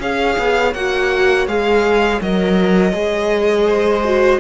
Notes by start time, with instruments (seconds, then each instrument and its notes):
0.00 cello C#4, viola G#4, violin C#5 F5
0.39 cello B3
0.74 cello A#3, viola F#4, violin F#5
1.48 cello G#3, viola G#4, violin F5
2.22 cello F#3, viola A#4, violin D#5
2.93 cello G#3, viola G#4
3.67 violin C5
4.04 viola F#4